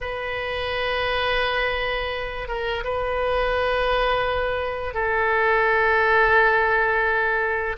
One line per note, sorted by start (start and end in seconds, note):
0.00 2.47 B4
2.48 2.83 A#4
2.84 4.93 B4
4.93 7.76 A4